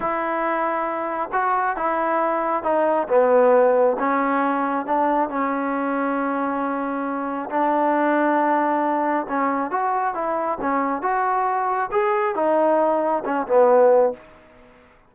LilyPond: \new Staff \with { instrumentName = "trombone" } { \time 4/4 \tempo 4 = 136 e'2. fis'4 | e'2 dis'4 b4~ | b4 cis'2 d'4 | cis'1~ |
cis'4 d'2.~ | d'4 cis'4 fis'4 e'4 | cis'4 fis'2 gis'4 | dis'2 cis'8 b4. | }